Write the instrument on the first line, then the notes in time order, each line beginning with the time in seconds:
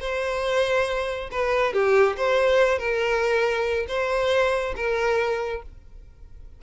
violin
0.00 C5
1.31 B4
1.73 G4
2.17 C5
2.78 A#4
3.88 C5
4.76 A#4